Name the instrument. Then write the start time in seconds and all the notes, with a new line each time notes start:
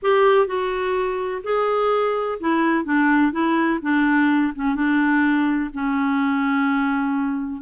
clarinet
0.02 G4
0.47 F#4
1.43 G#4
2.40 E4
2.84 D4
3.32 E4
3.82 D4
4.55 C#4
4.75 D4
5.73 C#4